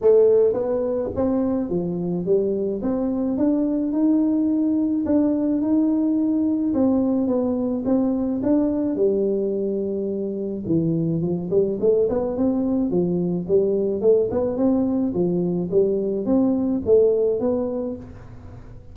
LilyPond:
\new Staff \with { instrumentName = "tuba" } { \time 4/4 \tempo 4 = 107 a4 b4 c'4 f4 | g4 c'4 d'4 dis'4~ | dis'4 d'4 dis'2 | c'4 b4 c'4 d'4 |
g2. e4 | f8 g8 a8 b8 c'4 f4 | g4 a8 b8 c'4 f4 | g4 c'4 a4 b4 | }